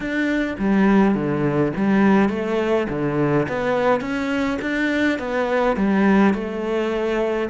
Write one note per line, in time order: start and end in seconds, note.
0.00 0.56 D4
0.58 1.14 G3
1.14 1.72 D3
1.76 2.29 G3
2.29 2.87 A3
2.89 3.47 D3
3.48 4.00 B3
4.00 4.58 C#4
4.61 5.18 D4
5.18 5.76 B3
5.76 6.33 G3
6.33 7.49 A3